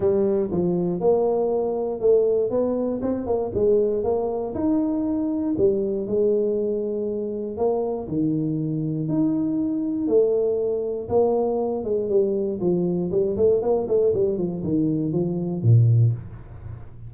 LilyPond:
\new Staff \with { instrumentName = "tuba" } { \time 4/4 \tempo 4 = 119 g4 f4 ais2 | a4 b4 c'8 ais8 gis4 | ais4 dis'2 g4 | gis2. ais4 |
dis2 dis'2 | a2 ais4. gis8 | g4 f4 g8 a8 ais8 a8 | g8 f8 dis4 f4 ais,4 | }